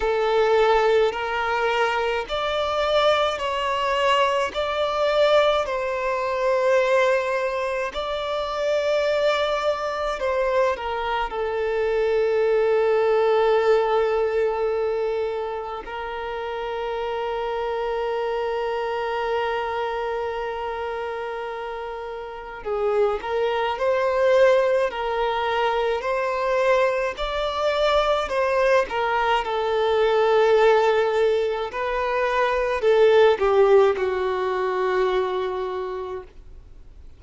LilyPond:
\new Staff \with { instrumentName = "violin" } { \time 4/4 \tempo 4 = 53 a'4 ais'4 d''4 cis''4 | d''4 c''2 d''4~ | d''4 c''8 ais'8 a'2~ | a'2 ais'2~ |
ais'1 | gis'8 ais'8 c''4 ais'4 c''4 | d''4 c''8 ais'8 a'2 | b'4 a'8 g'8 fis'2 | }